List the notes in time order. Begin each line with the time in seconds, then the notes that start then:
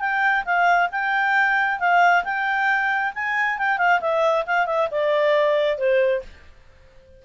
0.00 G5
0.45 F5
0.92 G5
1.80 F5
2.25 G5
3.15 G#5
3.59 G5
3.78 F5
4.01 E5
4.47 F5
4.67 E5
4.91 D5
5.78 C5